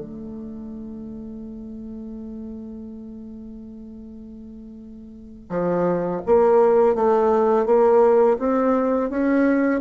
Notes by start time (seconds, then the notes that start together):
0.00 A3
5.50 F3
6.27 A#3
6.95 A3
7.66 A#3
8.40 C4
9.10 C#4